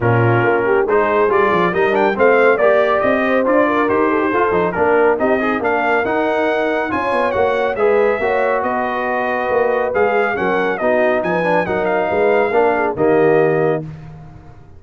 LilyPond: <<
  \new Staff \with { instrumentName = "trumpet" } { \time 4/4 \tempo 4 = 139 ais'2 c''4 d''4 | dis''8 g''8 f''4 d''4 dis''4 | d''4 c''2 ais'4 | dis''4 f''4 fis''2 |
gis''4 fis''4 e''2 | dis''2. f''4 | fis''4 dis''4 gis''4 fis''8 f''8~ | f''2 dis''2 | }
  \new Staff \with { instrumentName = "horn" } { \time 4/4 f'4. g'8 gis'2 | ais'4 c''4 d''4. c''8~ | c''8 ais'4 a'16 g'16 a'4 ais'4 | g'8 dis'8 ais'2. |
cis''2 b'4 cis''4 | b'1 | ais'4 fis'4 b'4 ais'4 | b'4 ais'8 gis'8 g'2 | }
  \new Staff \with { instrumentName = "trombone" } { \time 4/4 cis'2 dis'4 f'4 | dis'8 d'8 c'4 g'2 | f'4 g'4 f'8 dis'8 d'4 | dis'8 gis'8 d'4 dis'2 |
f'4 fis'4 gis'4 fis'4~ | fis'2. gis'4 | cis'4 dis'4. d'8 dis'4~ | dis'4 d'4 ais2 | }
  \new Staff \with { instrumentName = "tuba" } { \time 4/4 ais,4 ais4 gis4 g8 f8 | g4 a4 ais4 c'4 | d'4 dis'4 f'8 f8 ais4 | c'4 ais4 dis'2 |
cis'8 b8 ais4 gis4 ais4 | b2 ais4 gis4 | fis4 b4 f4 fis4 | gis4 ais4 dis2 | }
>>